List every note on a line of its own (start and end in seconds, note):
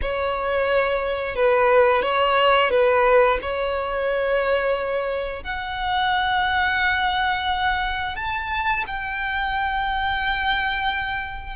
0.01 1.35 C#5
1.35 2.02 B4
2.02 2.70 C#5
2.70 3.38 B4
3.41 5.43 C#5
5.43 8.16 F#5
8.16 8.84 A5
8.86 11.56 G5